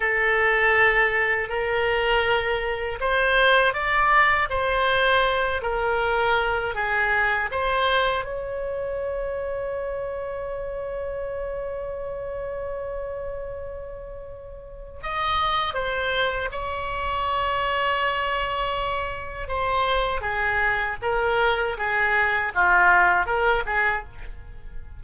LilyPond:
\new Staff \with { instrumentName = "oboe" } { \time 4/4 \tempo 4 = 80 a'2 ais'2 | c''4 d''4 c''4. ais'8~ | ais'4 gis'4 c''4 cis''4~ | cis''1~ |
cis''1 | dis''4 c''4 cis''2~ | cis''2 c''4 gis'4 | ais'4 gis'4 f'4 ais'8 gis'8 | }